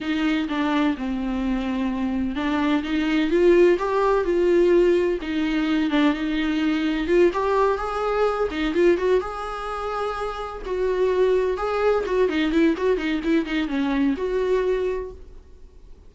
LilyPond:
\new Staff \with { instrumentName = "viola" } { \time 4/4 \tempo 4 = 127 dis'4 d'4 c'2~ | c'4 d'4 dis'4 f'4 | g'4 f'2 dis'4~ | dis'8 d'8 dis'2 f'8 g'8~ |
g'8 gis'4. dis'8 f'8 fis'8 gis'8~ | gis'2~ gis'8 fis'4.~ | fis'8 gis'4 fis'8 dis'8 e'8 fis'8 dis'8 | e'8 dis'8 cis'4 fis'2 | }